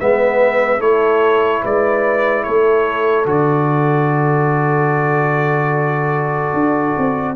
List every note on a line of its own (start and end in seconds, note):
0.00 0.80 G#3
0.00 0.80 B3
0.00 0.79 B4
0.00 0.82 E5
0.79 1.62 A3
0.79 3.26 E4
0.79 1.62 A4
0.79 1.64 C#5
1.62 2.47 G#3
1.62 2.45 B4
1.62 2.44 D5
2.44 3.26 A3
2.44 7.36 A4
2.44 3.26 C#5
3.26 6.54 D3
3.26 7.36 F#4
3.26 7.36 D5
6.54 6.95 D4
6.98 7.36 C4